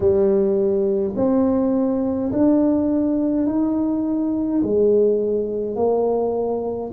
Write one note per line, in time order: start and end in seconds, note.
0.00 1.14 G3
1.15 2.31 C4
2.31 3.46 D4
3.46 4.62 D#4
4.62 5.75 G#3
5.75 6.91 A#3